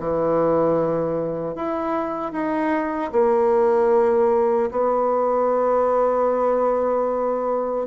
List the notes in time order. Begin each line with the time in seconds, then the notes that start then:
0.00 E3
1.56 E4
2.33 D#4
3.12 A#3
4.71 B3